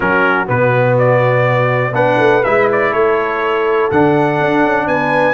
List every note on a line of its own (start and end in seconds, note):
0.00 0.48 F#3
0.00 0.46 C#4
0.00 1.93 F#4
0.00 0.48 A#4
0.46 1.93 B2
0.46 1.92 B3
0.46 0.97 B4
0.98 1.94 D5
1.93 2.17 B3
1.93 2.42 D4
1.93 2.91 B4
1.93 2.43 F#5
2.19 2.43 A3
2.43 2.91 G#3
2.43 3.91 E4
2.43 2.68 E5
2.72 2.93 D5
2.91 3.88 A3
2.91 4.86 A4
2.91 3.91 C#5
3.91 4.39 D3
3.91 5.34 D4
3.91 4.87 F#5
4.39 4.64 D4
4.64 4.86 C#4
4.86 5.34 B3
4.86 5.34 B4
4.86 5.34 G#5